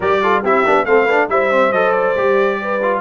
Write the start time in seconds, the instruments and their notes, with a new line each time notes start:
0.00 tuba G3, trombone G4, horn A#4, trumpet D5
0.22 trombone F4, horn A4
0.42 tuba C4, trombone E4, horn G4, trumpet E5
0.65 tuba B3, trombone D4
0.85 tuba A3, trombone C4, horn A4, trumpet F5
1.04 trombone D4, horn B4
1.28 tuba G3, trombone E4, horn C5, trumpet E5
1.51 trombone C4
1.71 tuba F#3, trombone A4, trumpet D#5
1.92 trumpet D5
2.15 tuba G3, trombone G4
2.62 horn B4
2.82 trombone F4